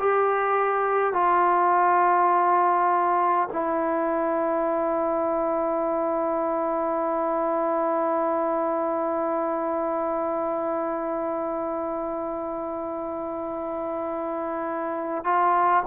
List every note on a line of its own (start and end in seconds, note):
0.00 1.14 G4
1.14 3.49 F4
3.53 15.25 E4
15.25 15.83 F4